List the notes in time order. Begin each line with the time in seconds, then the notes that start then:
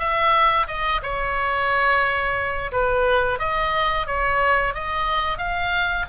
0.00 E5
0.68 D#5
1.03 C#5
2.72 B4
3.40 D#5
4.07 C#5
4.75 D#5
5.38 F5